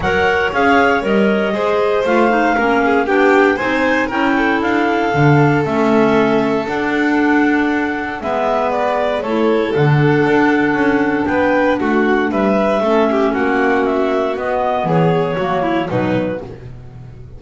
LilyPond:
<<
  \new Staff \with { instrumentName = "clarinet" } { \time 4/4 \tempo 4 = 117 fis''4 f''4 dis''2 | f''2 g''4 gis''4 | g''4 f''2 e''4~ | e''4 fis''2. |
e''4 d''4 cis''4 fis''4~ | fis''2 g''4 fis''4 | e''2 fis''4 e''4 | dis''4 cis''2 b'4 | }
  \new Staff \with { instrumentName = "violin" } { \time 4/4 cis''2. c''4~ | c''4 ais'8 gis'8 g'4 c''4 | ais'8 a'2.~ a'8~ | a'1 |
b'2 a'2~ | a'2 b'4 fis'4 | b'4 a'8 g'8 fis'2~ | fis'4 gis'4 fis'8 e'8 dis'4 | }
  \new Staff \with { instrumentName = "clarinet" } { \time 4/4 ais'4 gis'4 ais'4 gis'4 | f'8 dis'8 cis'4 d'4 dis'4 | e'2 d'4 cis'4~ | cis'4 d'2. |
b2 e'4 d'4~ | d'1~ | d'4 cis'2. | b2 ais4 fis4 | }
  \new Staff \with { instrumentName = "double bass" } { \time 4/4 fis4 cis'4 g4 gis4 | a4 ais4 b4 c'4 | cis'4 d'4 d4 a4~ | a4 d'2. |
gis2 a4 d4 | d'4 cis'4 b4 a4 | g4 a4 ais2 | b4 e4 fis4 b,4 | }
>>